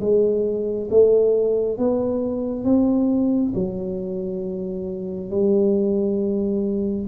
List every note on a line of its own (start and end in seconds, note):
0.00 0.88 G#3
0.90 1.78 A3
1.78 2.64 B3
2.64 3.52 C4
3.54 5.30 F#3
5.30 7.07 G3